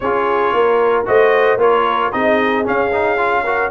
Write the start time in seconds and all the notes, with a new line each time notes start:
0.00 C#4 F4 G#4 C#5
0.53 A#3 A#4
1.05 A3 F#4 C5 D#5
1.57 A#3 F4 A#4 C#5
2.12 C4 D#4 G#4 D#5
2.64 C#4 F5
2.92 D#4
3.17 F4
3.43 F#4 A#4